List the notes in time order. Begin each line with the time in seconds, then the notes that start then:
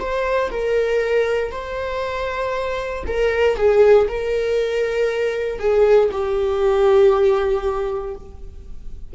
0.00 C5
0.51 A#4
1.52 C5
3.07 A#4
3.57 G#4
4.09 A#4
5.59 G#4
6.12 G4